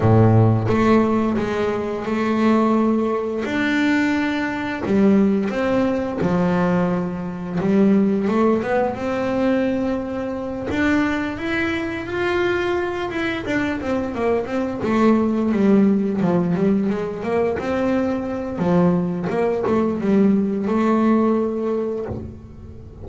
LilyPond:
\new Staff \with { instrumentName = "double bass" } { \time 4/4 \tempo 4 = 87 a,4 a4 gis4 a4~ | a4 d'2 g4 | c'4 f2 g4 | a8 b8 c'2~ c'8 d'8~ |
d'8 e'4 f'4. e'8 d'8 | c'8 ais8 c'8 a4 g4 f8 | g8 gis8 ais8 c'4. f4 | ais8 a8 g4 a2 | }